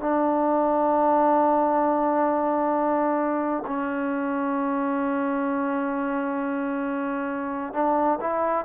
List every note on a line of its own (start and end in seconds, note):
0.00 3.64 D4
3.67 7.73 C#4
7.73 8.19 D4
8.20 8.65 E4